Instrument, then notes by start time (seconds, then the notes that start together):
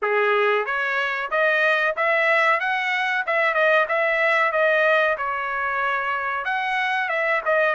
trumpet
0.02 G#4
0.65 C#5
1.30 D#5
1.96 E5
2.60 F#5
3.26 E5
3.53 D#5
3.88 E5
4.52 D#5
5.17 C#5
6.44 F#5
7.09 E5
7.45 D#5